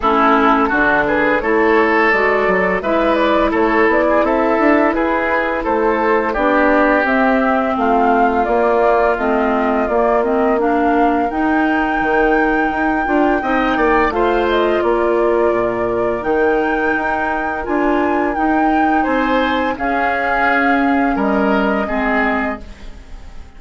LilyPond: <<
  \new Staff \with { instrumentName = "flute" } { \time 4/4 \tempo 4 = 85 a'4. b'8 cis''4 d''4 | e''8 d''8 cis''8 d''8 e''4 b'4 | c''4 d''4 e''4 f''4 | d''4 dis''4 d''8 dis''8 f''4 |
g''1 | f''8 dis''8 d''2 g''4~ | g''4 gis''4 g''4 gis''4 | f''2 dis''2 | }
  \new Staff \with { instrumentName = "oboe" } { \time 4/4 e'4 fis'8 gis'8 a'2 | b'4 a'8. gis'16 a'4 gis'4 | a'4 g'2 f'4~ | f'2. ais'4~ |
ais'2. dis''8 d''8 | c''4 ais'2.~ | ais'2. c''4 | gis'2 ais'4 gis'4 | }
  \new Staff \with { instrumentName = "clarinet" } { \time 4/4 cis'4 d'4 e'4 fis'4 | e'1~ | e'4 d'4 c'2 | ais4 c'4 ais8 c'8 d'4 |
dis'2~ dis'8 f'8 dis'4 | f'2. dis'4~ | dis'4 f'4 dis'2 | cis'2. c'4 | }
  \new Staff \with { instrumentName = "bassoon" } { \time 4/4 a4 d4 a4 gis8 fis8 | gis4 a8 b8 c'8 d'8 e'4 | a4 b4 c'4 a4 | ais4 a4 ais2 |
dis'4 dis4 dis'8 d'8 c'8 ais8 | a4 ais4 ais,4 dis4 | dis'4 d'4 dis'4 c'4 | cis'2 g4 gis4 | }
>>